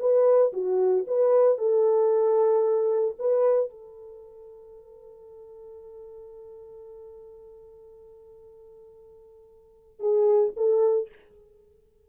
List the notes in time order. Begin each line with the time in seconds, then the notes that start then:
0.00 B4
0.53 F#4
1.07 B4
1.58 A4
3.19 B4
3.70 A4
10.00 G#4
10.57 A4